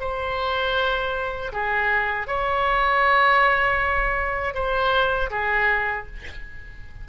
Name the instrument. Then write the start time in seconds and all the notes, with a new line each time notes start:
oboe
0.00 C5
1.53 G#4
2.27 C#5
4.54 C5
5.31 G#4